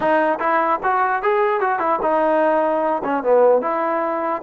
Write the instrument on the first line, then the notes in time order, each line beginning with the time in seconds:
trombone
0.00 D#4
0.39 E4
0.83 F#4
1.22 G#4
1.60 F#4
1.79 E4
2.02 D#4
3.04 C#4
3.23 B3
3.61 E4